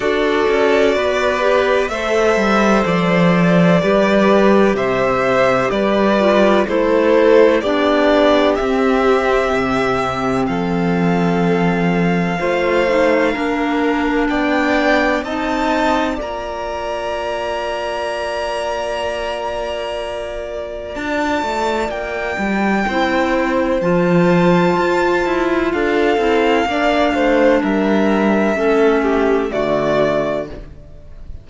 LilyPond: <<
  \new Staff \with { instrumentName = "violin" } { \time 4/4 \tempo 4 = 63 d''2 e''4 d''4~ | d''4 e''4 d''4 c''4 | d''4 e''2 f''4~ | f''2. g''4 |
a''4 ais''2.~ | ais''2 a''4 g''4~ | g''4 a''2 f''4~ | f''4 e''2 d''4 | }
  \new Staff \with { instrumentName = "violin" } { \time 4/4 a'4 b'4 c''2 | b'4 c''4 b'4 a'4 | g'2. a'4~ | a'4 c''4 ais'4 d''4 |
dis''4 d''2.~ | d''1 | c''2. a'4 | d''8 c''8 ais'4 a'8 g'8 fis'4 | }
  \new Staff \with { instrumentName = "clarinet" } { \time 4/4 fis'4. g'8 a'2 | g'2~ g'8 f'8 e'4 | d'4 c'2.~ | c'4 f'8 dis'8 d'2 |
dis'4 f'2.~ | f'1 | e'4 f'2~ f'8 e'8 | d'2 cis'4 a4 | }
  \new Staff \with { instrumentName = "cello" } { \time 4/4 d'8 cis'8 b4 a8 g8 f4 | g4 c4 g4 a4 | b4 c'4 c4 f4~ | f4 a4 ais4 b4 |
c'4 ais2.~ | ais2 d'8 a8 ais8 g8 | c'4 f4 f'8 e'8 d'8 c'8 | ais8 a8 g4 a4 d4 | }
>>